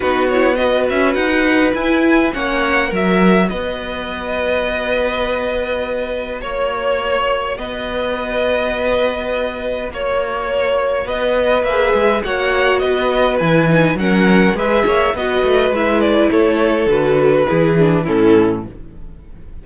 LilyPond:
<<
  \new Staff \with { instrumentName = "violin" } { \time 4/4 \tempo 4 = 103 b'8 cis''8 dis''8 e''8 fis''4 gis''4 | fis''4 e''4 dis''2~ | dis''2. cis''4~ | cis''4 dis''2.~ |
dis''4 cis''2 dis''4 | e''4 fis''4 dis''4 gis''4 | fis''4 e''4 dis''4 e''8 d''8 | cis''4 b'2 a'4 | }
  \new Staff \with { instrumentName = "violin" } { \time 4/4 fis'4 b'2. | cis''4 ais'4 b'2~ | b'2. cis''4~ | cis''4 b'2.~ |
b'4 cis''2 b'4~ | b'4 cis''4 b'2 | ais'4 b'8 cis''8 b'2 | a'2 gis'4 e'4 | }
  \new Staff \with { instrumentName = "viola" } { \time 4/4 dis'8 e'8 fis'2 e'4 | cis'4 fis'2.~ | fis'1~ | fis'1~ |
fis'1 | gis'4 fis'2 e'8 dis'8 | cis'4 gis'4 fis'4 e'4~ | e'4 fis'4 e'8 d'8 cis'4 | }
  \new Staff \with { instrumentName = "cello" } { \time 4/4 b4. cis'8 dis'4 e'4 | ais4 fis4 b2~ | b2. ais4~ | ais4 b2.~ |
b4 ais2 b4 | ais8 gis8 ais4 b4 e4 | fis4 gis8 ais8 b8 a8 gis4 | a4 d4 e4 a,4 | }
>>